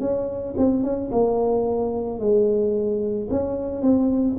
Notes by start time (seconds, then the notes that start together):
0.00 C#4
0.57 C4
0.83 C#4
1.12 A#3
2.20 G#3
3.31 C#4
3.82 C4